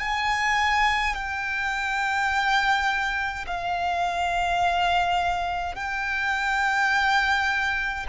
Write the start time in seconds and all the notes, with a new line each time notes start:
0.00 G#5
1.14 G5
3.47 F5
5.75 G5